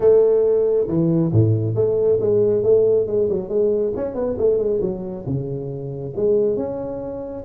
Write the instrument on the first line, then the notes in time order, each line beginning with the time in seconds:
tuba
0.00 A3
0.87 E3
1.32 A2
1.75 A3
2.20 G#3
2.63 A3
3.07 G#3
3.29 F#3
3.48 G#3
3.96 C#4
4.14 B3
4.38 A3
4.58 G#3
4.81 F#3
5.26 C#3
6.16 G#3
6.56 C#4